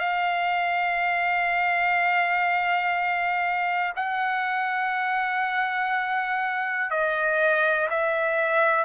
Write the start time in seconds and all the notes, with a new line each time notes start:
0.00 F5
3.96 F#5
6.90 D#5
7.90 E5